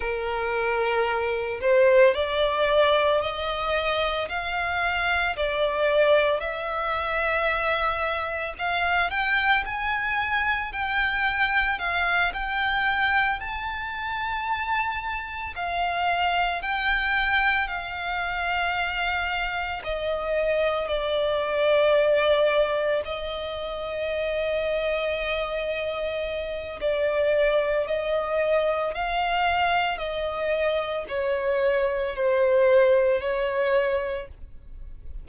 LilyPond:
\new Staff \with { instrumentName = "violin" } { \time 4/4 \tempo 4 = 56 ais'4. c''8 d''4 dis''4 | f''4 d''4 e''2 | f''8 g''8 gis''4 g''4 f''8 g''8~ | g''8 a''2 f''4 g''8~ |
g''8 f''2 dis''4 d''8~ | d''4. dis''2~ dis''8~ | dis''4 d''4 dis''4 f''4 | dis''4 cis''4 c''4 cis''4 | }